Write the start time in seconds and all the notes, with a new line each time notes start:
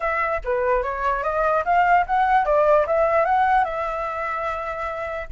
0.00 E5
0.44 B4
0.82 C#5
1.23 D#5
1.64 F5
2.06 F#5
2.45 D5
2.86 E5
3.25 F#5
3.64 E5